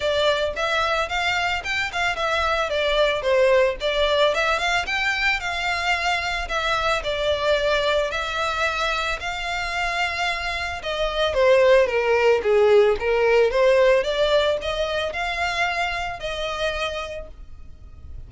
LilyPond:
\new Staff \with { instrumentName = "violin" } { \time 4/4 \tempo 4 = 111 d''4 e''4 f''4 g''8 f''8 | e''4 d''4 c''4 d''4 | e''8 f''8 g''4 f''2 | e''4 d''2 e''4~ |
e''4 f''2. | dis''4 c''4 ais'4 gis'4 | ais'4 c''4 d''4 dis''4 | f''2 dis''2 | }